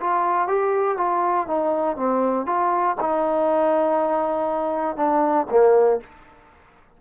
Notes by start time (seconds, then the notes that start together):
0.00 F4
0.47 G4
0.97 F4
1.47 D#4
1.96 C4
2.45 F4
3.00 D#4
4.96 D4
5.50 A#3